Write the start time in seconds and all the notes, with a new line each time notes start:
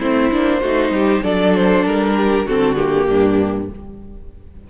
0.00 A3 C4 E4 C5
0.32 A#3 D4
0.61 A3 D#4 F#4
0.91 G3 G4
1.23 F#3 D4 A4 D5
1.55 C5
1.86 G3 A#4
2.17 G4
2.46 D3 C4 F#4 A4
2.76 A#3 G4
3.08 G2 D4